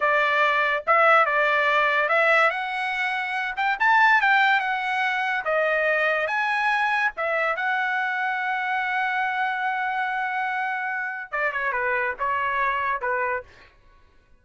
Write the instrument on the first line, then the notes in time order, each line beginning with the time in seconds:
trumpet
0.00 D5
0.86 E5
1.25 D5
2.08 E5
2.50 F#5
3.56 G5
3.79 A5
4.21 G5
4.60 F#5
5.45 D#5
6.27 G#5
7.16 E5
7.56 F#5
11.31 D5
11.52 C#5
11.72 B4
12.19 C#5
13.01 B4